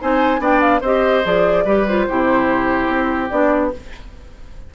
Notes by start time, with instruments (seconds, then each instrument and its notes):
0.00 bassoon C4, clarinet D#4, oboe C5, flute G#5
0.39 bassoon B3, clarinet D4, oboe D5, flute G5
0.61 flute F5
0.81 bassoon C4, clarinet G4, oboe C5, flute D#5
1.24 bassoon F3, clarinet G#4, flute D5
1.65 bassoon G3, clarinet G4, oboe B4
1.88 clarinet F4, flute C5
2.09 bassoon C3, clarinet E4, oboe G4
2.88 bassoon C4
3.29 bassoon B3, clarinet D4, flute D5